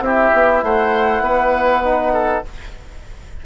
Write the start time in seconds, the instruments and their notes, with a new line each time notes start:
0.00 bassoon C4, trombone E4, oboe G4, flute E5
0.33 bassoon B3
0.63 bassoon A3, oboe C5, flute F#5
1.21 bassoon B3, oboe B4
1.84 trombone D#4
2.13 oboe A4